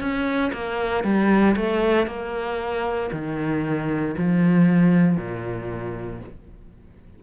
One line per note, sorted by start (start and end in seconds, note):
0.00 0.52 C#4
0.53 1.04 A#3
1.04 1.56 G3
1.57 2.07 A3
2.07 3.10 A#3
3.12 4.16 D#3
4.18 5.17 F3
5.17 6.21 A#2